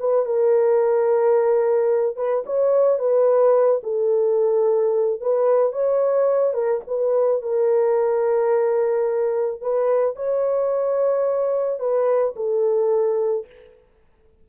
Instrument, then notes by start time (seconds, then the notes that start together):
horn
0.00 B4
0.26 A#4
2.17 B4
2.46 C#5
2.99 B4
3.84 A4
5.21 B4
5.73 C#5
6.54 A#4
6.88 B4
7.43 A#4
9.62 B4
10.16 C#5
11.80 B4
12.37 A4